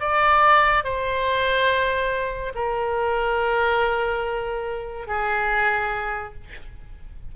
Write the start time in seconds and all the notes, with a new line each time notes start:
0.00 D5
0.84 C5
2.55 A#4
5.07 G#4